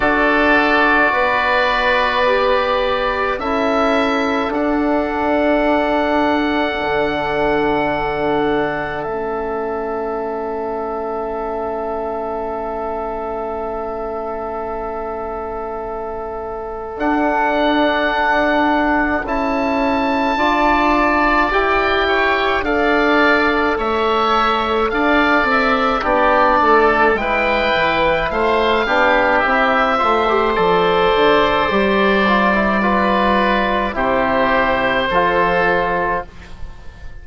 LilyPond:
<<
  \new Staff \with { instrumentName = "oboe" } { \time 4/4 \tempo 4 = 53 d''2. e''4 | fis''1 | e''1~ | e''2. fis''4~ |
fis''4 a''2 g''4 | f''4 e''4 f''8 e''8 d''4 | g''4 f''4 e''4 d''4~ | d''2 c''2 | }
  \new Staff \with { instrumentName = "oboe" } { \time 4/4 a'4 b'2 a'4~ | a'1~ | a'1~ | a'1~ |
a'2 d''4. cis''8 | d''4 cis''4 d''4 g'8 a'8 | b'4 c''8 g'4 c''4.~ | c''4 b'4 g'4 a'4 | }
  \new Staff \with { instrumentName = "trombone" } { \time 4/4 fis'2 g'4 e'4 | d'1 | cis'1~ | cis'2. d'4~ |
d'4 e'4 f'4 g'4 | a'2. d'4 | e'4. d'8 e'8 f'16 g'16 a'4 | g'8 f'16 e'16 f'4 e'4 f'4 | }
  \new Staff \with { instrumentName = "bassoon" } { \time 4/4 d'4 b2 cis'4 | d'2 d2 | a1~ | a2. d'4~ |
d'4 cis'4 d'4 e'4 | d'4 a4 d'8 c'8 b8 a8 | gis8 e8 a8 b8 c'8 a8 f8 d8 | g2 c4 f4 | }
>>